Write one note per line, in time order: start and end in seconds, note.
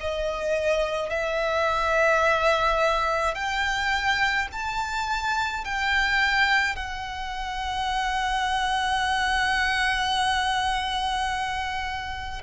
0.00 1.10 D#5
1.10 3.34 E5
3.34 4.48 G5
4.52 5.64 A5
5.64 6.76 G5
6.76 12.42 F#5